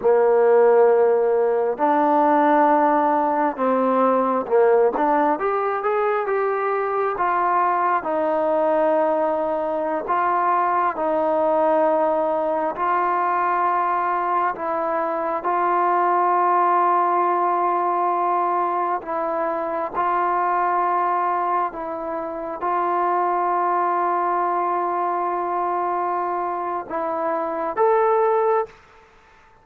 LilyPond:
\new Staff \with { instrumentName = "trombone" } { \time 4/4 \tempo 4 = 67 ais2 d'2 | c'4 ais8 d'8 g'8 gis'8 g'4 | f'4 dis'2~ dis'16 f'8.~ | f'16 dis'2 f'4.~ f'16~ |
f'16 e'4 f'2~ f'8.~ | f'4~ f'16 e'4 f'4.~ f'16~ | f'16 e'4 f'2~ f'8.~ | f'2 e'4 a'4 | }